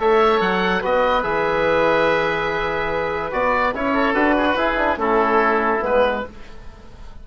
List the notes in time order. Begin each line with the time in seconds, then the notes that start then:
0.00 A3 A4 C#5 E5
0.41 F#3 F#5
0.81 B3 F#4 B4 D#5
1.23 E3 G#4 E5
3.32 B3 F#4 D5
3.74 C#4 E4 C#5
3.93 A4
4.14 D4 F#4 B4
4.38 G#4
4.49 F#4
4.56 E4 G#4
4.78 D4
4.97 A3 C#4 E4 A4
5.81 G#3 B3 B4